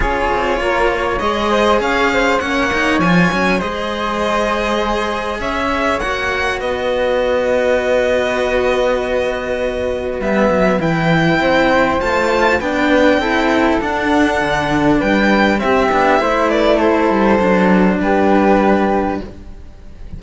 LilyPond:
<<
  \new Staff \with { instrumentName = "violin" } { \time 4/4 \tempo 4 = 100 cis''2 dis''4 f''4 | fis''4 gis''4 dis''2~ | dis''4 e''4 fis''4 dis''4~ | dis''1~ |
dis''4 e''4 g''2 | a''4 g''2 fis''4~ | fis''4 g''4 e''4. d''8 | c''2 b'2 | }
  \new Staff \with { instrumentName = "flute" } { \time 4/4 gis'4 ais'8 cis''4 c''8 cis''8 c''8 | cis''2 c''2~ | c''4 cis''2 b'4~ | b'1~ |
b'2. c''4~ | c''4 b'4 a'2~ | a'4 b'4 g'4 c''8 b'8 | a'2 g'2 | }
  \new Staff \with { instrumentName = "cello" } { \time 4/4 f'2 gis'2 | cis'8 dis'8 f'8 cis'8 gis'2~ | gis'2 fis'2~ | fis'1~ |
fis'4 b4 e'2 | f'4 d'4 e'4 d'4~ | d'2 c'8 d'8 e'4~ | e'4 d'2. | }
  \new Staff \with { instrumentName = "cello" } { \time 4/4 cis'8 c'8 ais4 gis4 cis'4 | ais4 f8 fis8 gis2~ | gis4 cis'4 ais4 b4~ | b1~ |
b4 g8 fis8 e4 c'4 | a4 b4 c'4 d'4 | d4 g4 c'8 b8 a4~ | a8 g8 fis4 g2 | }
>>